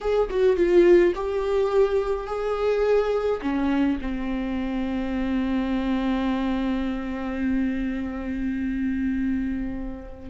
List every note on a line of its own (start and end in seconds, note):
0.00 0.29 G#4
0.30 0.56 F#4
0.56 1.13 F4
1.15 2.26 G4
2.26 3.41 G#4
3.41 3.98 C#4
4.01 10.29 C4